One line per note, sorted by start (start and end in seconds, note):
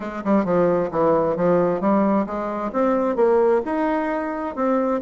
0.00 0.23 G#3
0.24 0.44 G3
0.44 0.90 F3
0.91 1.36 E3
1.36 1.80 F3
1.80 2.26 G3
2.26 2.71 G#3
2.72 3.15 C4
3.15 3.61 A#3
3.65 4.55 D#4
4.55 5.00 C4